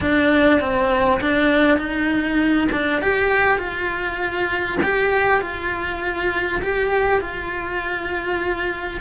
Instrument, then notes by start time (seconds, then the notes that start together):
cello
0.01 D4
0.60 C4
1.21 D4
1.78 D#4
2.71 D4
3.01 G4
3.58 F4
4.82 G4
5.41 F4
6.62 G4
7.20 F4